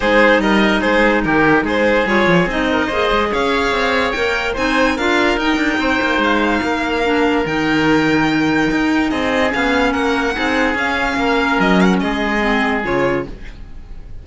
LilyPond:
<<
  \new Staff \with { instrumentName = "violin" } { \time 4/4 \tempo 4 = 145 c''4 dis''4 c''4 ais'4 | c''4 cis''4 dis''2 | f''2 g''4 gis''4 | f''4 g''2 f''4~ |
f''2 g''2~ | g''2 dis''4 f''4 | fis''2 f''2 | dis''8 f''16 fis''16 dis''2 cis''4 | }
  \new Staff \with { instrumentName = "oboe" } { \time 4/4 gis'4 ais'4 gis'4 g'4 | gis'2~ gis'8 ais'8 c''4 | cis''2. c''4 | ais'2 c''2 |
ais'1~ | ais'2 gis'2 | ais'4 gis'2 ais'4~ | ais'4 gis'2. | }
  \new Staff \with { instrumentName = "clarinet" } { \time 4/4 dis'1~ | dis'4 f'4 dis'4 gis'4~ | gis'2 ais'4 dis'4 | f'4 dis'2.~ |
dis'4 d'4 dis'2~ | dis'2. cis'4~ | cis'4 dis'4 cis'2~ | cis'2 c'4 f'4 | }
  \new Staff \with { instrumentName = "cello" } { \time 4/4 gis4 g4 gis4 dis4 | gis4 g8 f8 c'4 ais8 gis8 | cis'4 c'4 ais4 c'4 | d'4 dis'8 d'8 c'8 ais8 gis4 |
ais2 dis2~ | dis4 dis'4 c'4 b4 | ais4 c'4 cis'4 ais4 | fis4 gis2 cis4 | }
>>